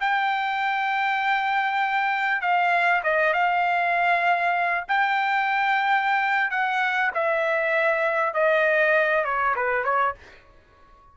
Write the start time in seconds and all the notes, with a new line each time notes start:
0.00 G5
2.41 F5
3.03 D#5
3.33 F5
4.88 G5
6.51 F#5
7.14 E5
8.34 D#5
9.25 C#5
9.56 B4
9.85 C#5